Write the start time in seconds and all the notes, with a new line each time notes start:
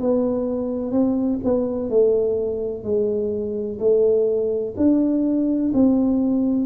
0.00 B3
0.91 C4
1.44 B3
1.90 A3
2.84 G#3
3.79 A3
4.77 D4
5.74 C4